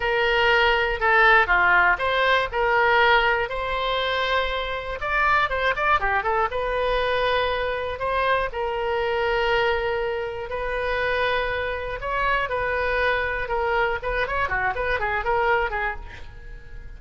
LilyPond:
\new Staff \with { instrumentName = "oboe" } { \time 4/4 \tempo 4 = 120 ais'2 a'4 f'4 | c''4 ais'2 c''4~ | c''2 d''4 c''8 d''8 | g'8 a'8 b'2. |
c''4 ais'2.~ | ais'4 b'2. | cis''4 b'2 ais'4 | b'8 cis''8 fis'8 b'8 gis'8 ais'4 gis'8 | }